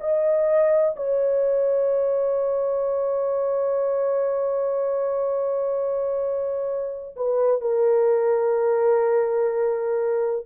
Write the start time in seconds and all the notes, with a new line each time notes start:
0.00 D#5
0.96 C#5
7.16 B4
7.61 A#4